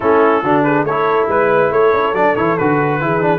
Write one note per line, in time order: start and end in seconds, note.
0.00 0.43 A3
0.00 0.44 C#4
0.00 0.43 E4
0.00 0.63 A4
0.43 0.83 D3
0.43 0.87 D4
0.43 0.64 F#4
0.63 0.86 G#4
0.63 0.84 B4
0.83 1.26 A3
0.83 2.15 E4
0.83 1.29 A4
0.83 1.28 C#5
1.28 1.70 G#3
1.28 1.71 B4
1.28 1.72 B4
1.70 1.92 A3
1.70 3.00 A4
1.70 2.15 C#5
1.93 2.13 C#4
2.13 2.34 F#3
2.13 2.36 D4
2.13 2.36 D5
2.36 2.58 E3
2.36 2.58 E4
2.36 2.57 C#5
2.57 3.02 D3
2.57 3.00 F#4
2.57 3.38 B4
3.00 3.38 E3
3.00 3.21 E4
3.00 3.38 G#4
3.21 3.38 D4